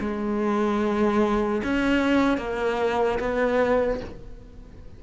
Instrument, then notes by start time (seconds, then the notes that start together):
cello
0.00 G#3
1.64 C#4
2.38 A#3
3.20 B3